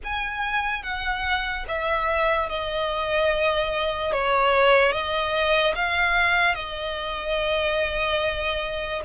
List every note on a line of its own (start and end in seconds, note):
0.04 0.83 G#5
0.83 1.65 F#5
1.68 2.49 E5
2.49 4.12 D#5
4.12 4.91 C#5
4.91 5.73 D#5
5.75 6.55 F5
6.55 9.01 D#5